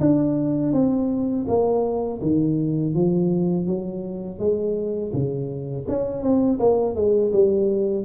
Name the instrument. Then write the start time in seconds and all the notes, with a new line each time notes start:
tuba
0.00 D4
0.72 C4
1.47 A#3
2.21 D#3
2.94 F3
3.67 F#3
4.39 G#3
5.13 C#3
5.88 C#4
6.22 C4
6.59 A#3
6.95 G#3
7.32 G3